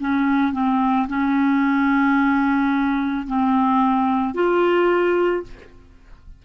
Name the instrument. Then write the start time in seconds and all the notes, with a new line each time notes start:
clarinet
0.00 C#4
0.53 C4
1.09 C#4
3.27 C4
4.34 F4